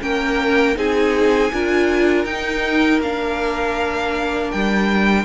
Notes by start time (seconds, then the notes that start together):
0.00 A#3 C#4 A#4 G5
0.75 C4 D#4 G#4 G#5
1.52 D4 F4 A#4
2.25 D#4 G5
3.00 A#3 D4 F5
4.51 G3 G5